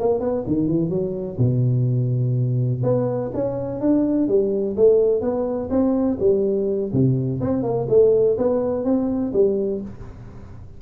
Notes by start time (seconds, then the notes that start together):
0.00 A#3
0.21 B3
0.47 D#3
0.68 E3
0.90 F#3
1.39 B2
2.84 B3
3.35 C#4
3.81 D4
4.29 G3
4.77 A3
5.22 B3
5.71 C4
6.20 G3
6.93 C3
7.41 C4
7.63 A#3
7.89 A3
8.38 B3
8.85 C4
9.34 G3